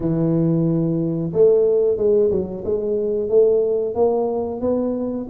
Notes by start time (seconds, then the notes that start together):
0.00 E3
1.32 A3
1.97 G#3
2.30 F#3
2.64 G#3
3.29 A3
3.94 A#3
4.61 B3